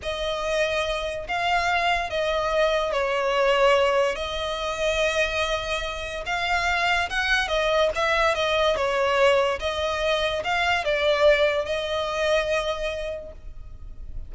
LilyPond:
\new Staff \with { instrumentName = "violin" } { \time 4/4 \tempo 4 = 144 dis''2. f''4~ | f''4 dis''2 cis''4~ | cis''2 dis''2~ | dis''2. f''4~ |
f''4 fis''4 dis''4 e''4 | dis''4 cis''2 dis''4~ | dis''4 f''4 d''2 | dis''1 | }